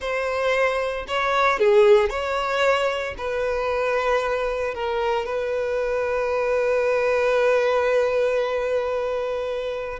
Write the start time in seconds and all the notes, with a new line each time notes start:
0.00 C5
1.07 C#5
1.59 G#4
2.09 C#5
3.17 B4
4.74 A#4
5.25 B4